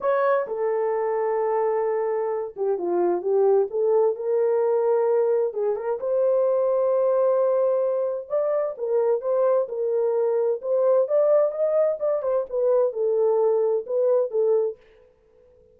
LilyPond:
\new Staff \with { instrumentName = "horn" } { \time 4/4 \tempo 4 = 130 cis''4 a'2.~ | a'4. g'8 f'4 g'4 | a'4 ais'2. | gis'8 ais'8 c''2.~ |
c''2 d''4 ais'4 | c''4 ais'2 c''4 | d''4 dis''4 d''8 c''8 b'4 | a'2 b'4 a'4 | }